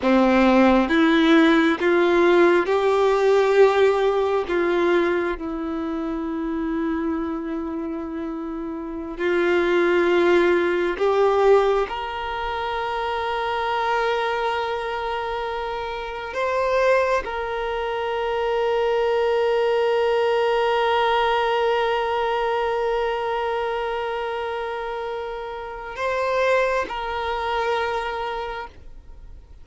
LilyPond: \new Staff \with { instrumentName = "violin" } { \time 4/4 \tempo 4 = 67 c'4 e'4 f'4 g'4~ | g'4 f'4 e'2~ | e'2~ e'16 f'4.~ f'16~ | f'16 g'4 ais'2~ ais'8.~ |
ais'2~ ais'16 c''4 ais'8.~ | ais'1~ | ais'1~ | ais'4 c''4 ais'2 | }